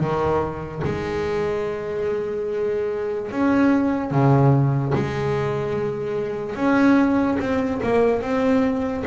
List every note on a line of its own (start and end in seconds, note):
0.00 0.82 D#3
0.84 3.31 G#3
3.31 4.11 C#4
4.11 4.93 C#3
4.95 6.56 G#3
6.56 7.38 C#4
7.40 7.81 C4
7.83 8.22 A#3
8.22 9.04 C4